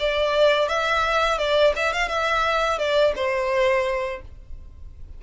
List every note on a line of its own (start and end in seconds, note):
0.00 0.69 D5
0.69 1.39 E5
1.39 1.74 D5
1.76 1.93 E5
1.93 2.09 F5
2.09 2.79 E5
2.79 3.14 D5
3.16 4.22 C5